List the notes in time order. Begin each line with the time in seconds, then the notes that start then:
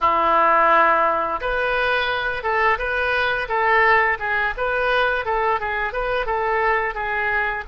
0.00 E4
1.40 B4
2.43 A4
2.78 B4
3.48 A4
4.19 G#4
4.57 B4
5.25 A4
5.59 G#4
5.92 B4
6.26 A4
6.94 G#4